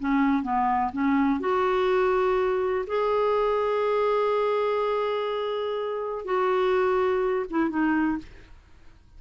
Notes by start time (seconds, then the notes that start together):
0.00 C#4
0.43 B3
0.93 C#4
1.40 F#4
2.87 G#4
6.25 F#4
7.50 E4
7.70 D#4